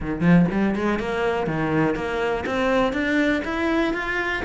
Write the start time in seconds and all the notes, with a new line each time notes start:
0.00 D#3
0.21 F3
0.51 G3
0.75 G#3
0.99 A#3
1.46 D#3
1.95 A#3
2.46 C4
2.93 D4
3.44 E4
3.93 F4